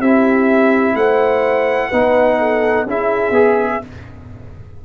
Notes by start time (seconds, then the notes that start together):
0.00 C4 E4 G4 E5
0.95 A3 C5 F#5
1.89 B3 D#4 B4
2.39 A4
2.86 C#4 E4 G#4 E5
3.31 B3 G#4